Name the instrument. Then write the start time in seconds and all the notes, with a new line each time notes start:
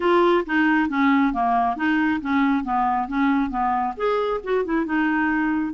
clarinet
0.00 F4
0.45 D#4
0.89 C#4
1.33 A#3
1.76 D#4
2.21 C#4
2.64 B3
3.08 C#4
3.50 B3
3.96 G#4
4.43 F#4
4.64 E4
4.85 D#4